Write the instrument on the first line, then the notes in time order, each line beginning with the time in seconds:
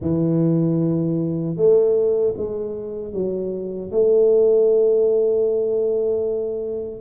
tuba
0.01 E3
1.56 A3
2.36 G#3
3.13 F#3
3.91 A3